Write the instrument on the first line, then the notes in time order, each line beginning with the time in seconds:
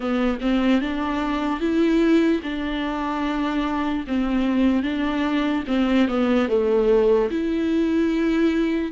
viola
0.00 B3
0.41 C4
0.81 D4
1.60 E4
2.42 D4
4.07 C4
4.82 D4
5.67 C4
6.08 B3
6.48 A3
7.30 E4